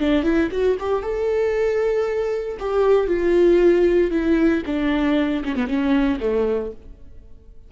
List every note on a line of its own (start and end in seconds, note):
0.00 0.23 D4
0.23 0.49 E4
0.51 0.77 F#4
0.79 1.02 G4
1.02 2.57 A4
2.60 3.07 G4
3.07 4.11 F4
4.11 4.62 E4
4.66 5.43 D4
5.44 5.55 C#4
5.55 5.68 B3
5.68 6.19 C#4
6.20 6.71 A3